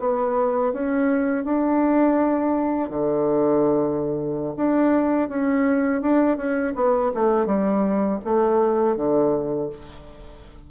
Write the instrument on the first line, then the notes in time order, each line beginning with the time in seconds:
bassoon
0.00 B3
0.73 C#4
1.45 D4
2.90 D3
4.57 D4
5.29 C#4
6.02 D4
6.37 C#4
6.75 B3
7.14 A3
7.46 G3
8.25 A3
8.97 D3